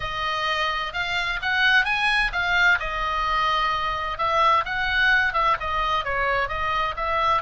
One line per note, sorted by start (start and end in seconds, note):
0.00 0.93 D#5
0.93 1.39 F5
1.42 1.84 F#5
1.84 2.31 G#5
2.32 2.79 F5
2.79 4.17 D#5
4.17 4.64 E5
4.65 5.33 F#5
5.33 5.56 E5
5.59 6.04 D#5
6.04 6.48 C#5
6.48 6.95 D#5
6.96 7.42 E5